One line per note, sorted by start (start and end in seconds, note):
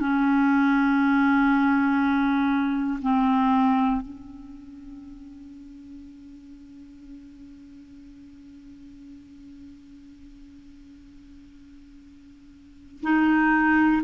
0.00 3.00 C#4
3.02 4.02 C4
4.02 13.02 C#4
13.02 14.02 D#4